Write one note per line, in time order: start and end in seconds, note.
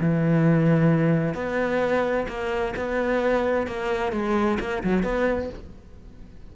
0.00 1.35 E3
1.35 2.27 B3
2.28 2.74 A#3
2.77 3.67 B3
3.67 4.12 A#3
4.12 4.59 G#3
4.60 4.83 A#3
4.84 5.03 F#3
5.03 5.50 B3